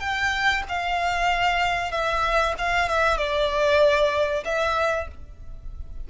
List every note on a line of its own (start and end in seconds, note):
0.00 0.63 G5
0.69 1.91 F5
1.91 2.55 E5
2.58 2.89 F5
2.89 3.18 E5
3.18 4.44 D5
4.45 5.08 E5